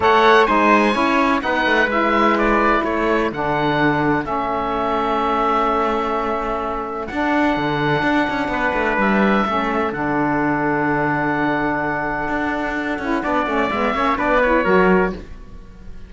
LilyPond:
<<
  \new Staff \with { instrumentName = "oboe" } { \time 4/4 \tempo 4 = 127 fis''4 gis''2 fis''4 | e''4 d''4 cis''4 fis''4~ | fis''4 e''2.~ | e''2. fis''4~ |
fis''2. e''4~ | e''4 fis''2.~ | fis''1~ | fis''4 e''4 d''8 cis''4. | }
  \new Staff \with { instrumentName = "trumpet" } { \time 4/4 cis''4 c''4 cis''4 b'4~ | b'2 a'2~ | a'1~ | a'1~ |
a'2 b'2 | a'1~ | a'1 | d''4. cis''8 b'4 ais'4 | }
  \new Staff \with { instrumentName = "saxophone" } { \time 4/4 a'4 dis'4 e'4 dis'4 | e'2. d'4~ | d'4 cis'2.~ | cis'2. d'4~ |
d'1 | cis'4 d'2.~ | d'2.~ d'8 e'8 | d'8 cis'8 b8 cis'8 d'8 e'8 fis'4 | }
  \new Staff \with { instrumentName = "cello" } { \time 4/4 a4 gis4 cis'4 b8 a8 | gis2 a4 d4~ | d4 a2.~ | a2. d'4 |
d4 d'8 cis'8 b8 a8 g4 | a4 d2.~ | d2 d'4. cis'8 | b8 a8 gis8 ais8 b4 fis4 | }
>>